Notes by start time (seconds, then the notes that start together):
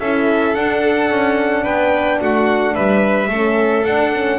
0.00 C#4 E4 A4 E5
0.55 D4 F#5
1.11 C#4
1.64 B3 B4 G5
2.21 A3 F#4 F#5
2.74 G3 B4 E5
3.28 A3 C#4 A4
3.84 D4 F#5
4.14 C#4